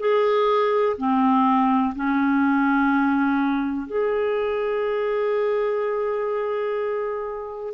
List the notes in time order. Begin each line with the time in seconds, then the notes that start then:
0.00 G#4
0.98 C4
1.95 C#4
3.87 G#4